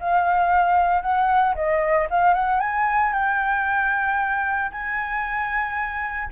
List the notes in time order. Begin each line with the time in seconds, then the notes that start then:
0.00 F5
1.02 F#5
1.55 D#5
2.10 F5
2.34 F#5
2.60 G#5
3.13 G5
4.72 G#5